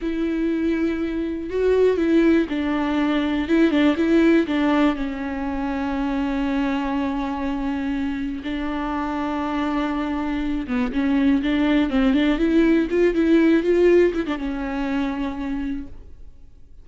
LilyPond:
\new Staff \with { instrumentName = "viola" } { \time 4/4 \tempo 4 = 121 e'2. fis'4 | e'4 d'2 e'8 d'8 | e'4 d'4 cis'2~ | cis'1~ |
cis'4 d'2.~ | d'4. b8 cis'4 d'4 | c'8 d'8 e'4 f'8 e'4 f'8~ | f'8 e'16 d'16 cis'2. | }